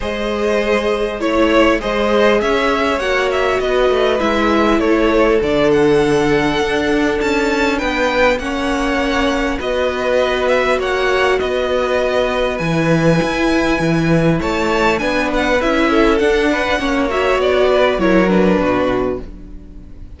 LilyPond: <<
  \new Staff \with { instrumentName = "violin" } { \time 4/4 \tempo 4 = 100 dis''2 cis''4 dis''4 | e''4 fis''8 e''8 dis''4 e''4 | cis''4 d''8 fis''2~ fis''8 | a''4 g''4 fis''2 |
dis''4. e''8 fis''4 dis''4~ | dis''4 gis''2. | a''4 gis''8 fis''8 e''4 fis''4~ | fis''8 e''8 d''4 cis''8 b'4. | }
  \new Staff \with { instrumentName = "violin" } { \time 4/4 c''2 cis''4 c''4 | cis''2 b'2 | a'1~ | a'4 b'4 cis''2 |
b'2 cis''4 b'4~ | b'1 | cis''4 b'4. a'4 b'8 | cis''4. b'8 ais'4 fis'4 | }
  \new Staff \with { instrumentName = "viola" } { \time 4/4 gis'2 e'4 gis'4~ | gis'4 fis'2 e'4~ | e'4 d'2.~ | d'2 cis'2 |
fis'1~ | fis'4 e'2.~ | e'4 d'4 e'4 d'4 | cis'8 fis'4. e'8 d'4. | }
  \new Staff \with { instrumentName = "cello" } { \time 4/4 gis2 a4 gis4 | cis'4 ais4 b8 a8 gis4 | a4 d2 d'4 | cis'4 b4 ais2 |
b2 ais4 b4~ | b4 e4 e'4 e4 | a4 b4 cis'4 d'4 | ais4 b4 fis4 b,4 | }
>>